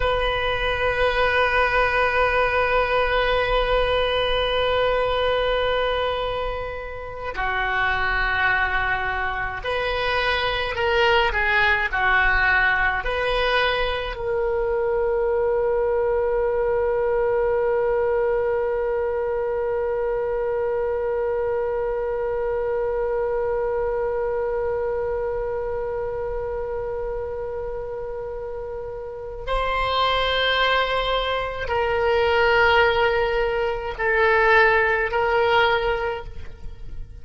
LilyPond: \new Staff \with { instrumentName = "oboe" } { \time 4/4 \tempo 4 = 53 b'1~ | b'2~ b'8 fis'4.~ | fis'8 b'4 ais'8 gis'8 fis'4 b'8~ | b'8 ais'2.~ ais'8~ |
ais'1~ | ais'1~ | ais'2 c''2 | ais'2 a'4 ais'4 | }